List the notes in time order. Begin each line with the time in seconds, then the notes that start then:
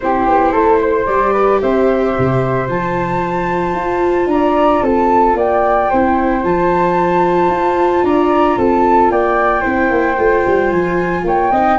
0.00 C4 E4 G4 C5
0.28 B3
0.52 A3 A4
0.81 C5
1.06 G3 G4 D5
1.32 B4
1.61 C4 C5 E5
2.18 C3
2.68 F3 F4 A5
3.73 F4
4.26 D4 D5 A#5
4.82 C4 A4 A5
5.34 A#3 D5 G5
5.90 C4 E4 C5
6.44 F3 F4 A5
7.48 F4
8.03 D4 D5 A#5
8.57 C4 A4 A5
9.10 A#3 D5 G5
9.60 C4 E4 C5
9.90 A#3
10.18 A3 F4
10.46 G3
10.70 F3 G#5
11.24 A#3 C#5 G5
11.51 C4 D#4 D#5